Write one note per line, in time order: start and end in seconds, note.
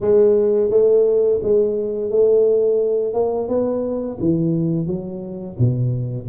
0.01 0.70 G#3
0.70 1.40 A3
1.42 2.10 G#3
2.10 3.13 A3
3.13 3.48 A#3
3.48 4.18 B3
4.20 4.86 E3
4.86 5.56 F#3
5.58 6.28 B2